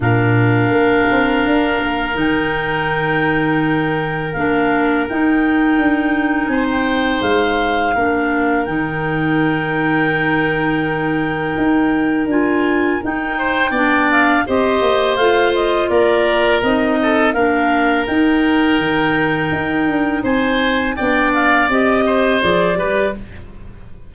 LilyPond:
<<
  \new Staff \with { instrumentName = "clarinet" } { \time 4/4 \tempo 4 = 83 f''2. g''4~ | g''2 f''4 g''4~ | g''4 gis''16 g''8. f''2 | g''1~ |
g''4 gis''4 g''4. f''8 | dis''4 f''8 dis''8 d''4 dis''4 | f''4 g''2. | gis''4 g''8 f''8 dis''4 d''4 | }
  \new Staff \with { instrumentName = "oboe" } { \time 4/4 ais'1~ | ais'1~ | ais'4 c''2 ais'4~ | ais'1~ |
ais'2~ ais'8 c''8 d''4 | c''2 ais'4. a'8 | ais'1 | c''4 d''4. c''4 b'8 | }
  \new Staff \with { instrumentName = "clarinet" } { \time 4/4 d'2. dis'4~ | dis'2 d'4 dis'4~ | dis'2. d'4 | dis'1~ |
dis'4 f'4 dis'4 d'4 | g'4 f'2 dis'4 | d'4 dis'2.~ | dis'4 d'4 g'4 gis'8 g'8 | }
  \new Staff \with { instrumentName = "tuba" } { \time 4/4 ais,4 ais8 c'8 d'8 ais8 dis4~ | dis2 ais4 dis'4 | d'4 c'4 gis4 ais4 | dis1 |
dis'4 d'4 dis'4 b4 | c'8 ais8 a4 ais4 c'4 | ais4 dis'4 dis4 dis'8 d'8 | c'4 b4 c'4 f8 g8 | }
>>